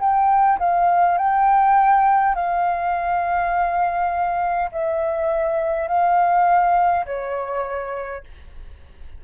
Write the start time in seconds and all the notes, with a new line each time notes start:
0.00 G5
0.59 F5
1.18 G5
2.35 F5
4.72 E5
5.88 F5
7.06 C#5